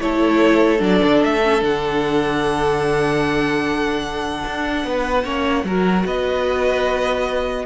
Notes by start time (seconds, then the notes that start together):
0.00 A3 E4 A4 C#5
0.78 F#3 D4 D5
1.03 D3
1.23 A3 E5
1.43 C#4
1.60 D3 D4 F#5
4.45 D4
4.84 B3 B4
5.24 A#3 C#4 C#5
5.64 F#3 F#4 A#4
6.05 B3 B4 D#5